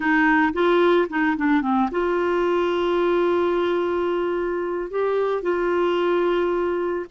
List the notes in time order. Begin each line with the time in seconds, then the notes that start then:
0.00 D#4
0.53 F4
1.09 D#4
1.36 D4
1.61 C4
1.91 F4
4.90 G4
5.42 F4